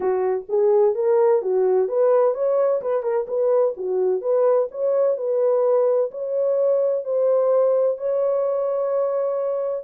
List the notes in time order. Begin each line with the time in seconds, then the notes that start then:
0.00 F#4
0.48 G#4
0.95 A#4
1.42 F#4
1.88 B4
2.34 C#5
2.81 B4
3.02 A#4
3.27 B4
3.76 F#4
4.21 B4
4.71 C#5
5.17 B4
6.11 C#5
7.04 C5
7.97 C#5